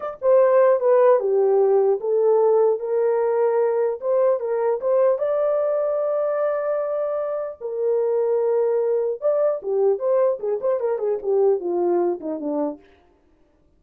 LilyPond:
\new Staff \with { instrumentName = "horn" } { \time 4/4 \tempo 4 = 150 d''8 c''4. b'4 g'4~ | g'4 a'2 ais'4~ | ais'2 c''4 ais'4 | c''4 d''2.~ |
d''2. ais'4~ | ais'2. d''4 | g'4 c''4 gis'8 c''8 ais'8 gis'8 | g'4 f'4. dis'8 d'4 | }